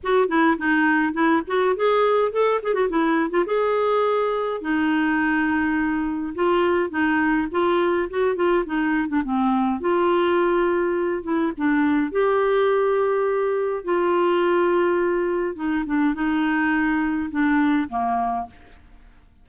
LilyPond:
\new Staff \with { instrumentName = "clarinet" } { \time 4/4 \tempo 4 = 104 fis'8 e'8 dis'4 e'8 fis'8 gis'4 | a'8 gis'16 fis'16 e'8. f'16 gis'2 | dis'2. f'4 | dis'4 f'4 fis'8 f'8 dis'8. d'16 |
c'4 f'2~ f'8 e'8 | d'4 g'2. | f'2. dis'8 d'8 | dis'2 d'4 ais4 | }